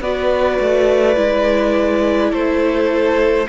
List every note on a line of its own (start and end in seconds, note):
0.00 0.58 B3
0.00 1.15 F#4
0.00 2.31 B4
0.00 2.32 D5
0.60 1.16 A3
1.15 2.31 G#3
1.15 3.46 E4
2.31 3.47 A3
2.31 3.46 A4
2.31 3.48 C5